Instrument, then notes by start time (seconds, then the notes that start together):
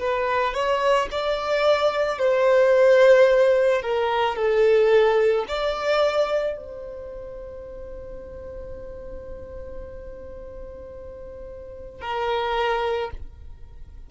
violin
0.00 B4
0.54 C#5
1.12 D5
2.19 C5
3.82 A#4
4.36 A4
5.48 D5
6.57 C5
12.01 A#4